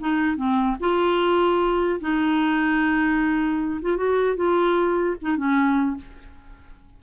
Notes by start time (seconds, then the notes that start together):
0.00 D#4
0.36 C4
0.80 F4
2.00 D#4
3.82 F4
3.97 F#4
4.36 F4
5.21 D#4
5.37 C#4